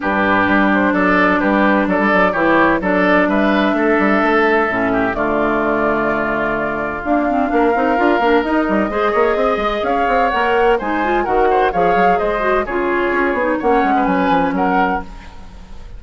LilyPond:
<<
  \new Staff \with { instrumentName = "flute" } { \time 4/4 \tempo 4 = 128 b'4. c''8 d''4 b'4 | d''4 cis''4 d''4 e''4~ | e''2. d''4~ | d''2. f''4~ |
f''2 dis''2~ | dis''4 f''4 fis''4 gis''4 | fis''4 f''4 dis''4 cis''4~ | cis''4 fis''4 gis''4 fis''4 | }
  \new Staff \with { instrumentName = "oboe" } { \time 4/4 g'2 a'4 g'4 | a'4 g'4 a'4 b'4 | a'2~ a'8 g'8 f'4~ | f'1 |
ais'2. c''8 cis''8 | dis''4 cis''2 c''4 | ais'8 c''8 cis''4 c''4 gis'4~ | gis'4 cis''8. b'4~ b'16 ais'4 | }
  \new Staff \with { instrumentName = "clarinet" } { \time 4/4 d'1~ | d'4 e'4 d'2~ | d'2 cis'4 a4~ | a2. ais8 c'8 |
d'8 dis'8 f'8 d'8 dis'4 gis'4~ | gis'2 ais'4 dis'8 f'8 | fis'4 gis'4. fis'8 f'4~ | f'8 dis'8 cis'2. | }
  \new Staff \with { instrumentName = "bassoon" } { \time 4/4 g,4 g4 fis4 g4 | fis16 g16 fis8 e4 fis4 g4 | a8 g8 a4 a,4 d4~ | d2. d'4 |
ais8 c'8 d'8 ais8 dis'8 g8 gis8 ais8 | c'8 gis8 cis'8 c'8 ais4 gis4 | dis4 f8 fis8 gis4 cis4 | cis'8 b8 ais8 gis8 fis8 f8 fis4 | }
>>